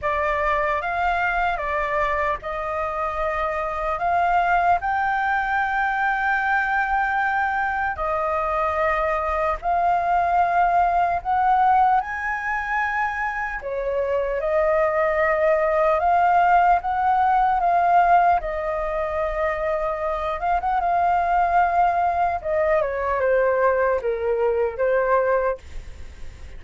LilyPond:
\new Staff \with { instrumentName = "flute" } { \time 4/4 \tempo 4 = 75 d''4 f''4 d''4 dis''4~ | dis''4 f''4 g''2~ | g''2 dis''2 | f''2 fis''4 gis''4~ |
gis''4 cis''4 dis''2 | f''4 fis''4 f''4 dis''4~ | dis''4. f''16 fis''16 f''2 | dis''8 cis''8 c''4 ais'4 c''4 | }